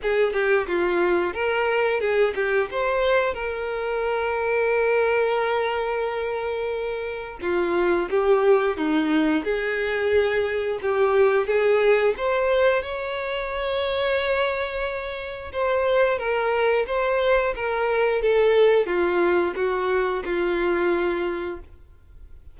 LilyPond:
\new Staff \with { instrumentName = "violin" } { \time 4/4 \tempo 4 = 89 gis'8 g'8 f'4 ais'4 gis'8 g'8 | c''4 ais'2.~ | ais'2. f'4 | g'4 dis'4 gis'2 |
g'4 gis'4 c''4 cis''4~ | cis''2. c''4 | ais'4 c''4 ais'4 a'4 | f'4 fis'4 f'2 | }